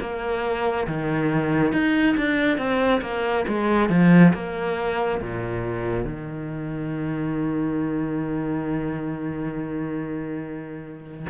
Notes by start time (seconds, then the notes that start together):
0.00 A#3
0.87 D#3
1.72 D#4
2.17 D4
2.57 C4
3.01 A#3
3.47 G#3
3.89 F3
4.34 A#3
5.21 A#2
6.04 D#3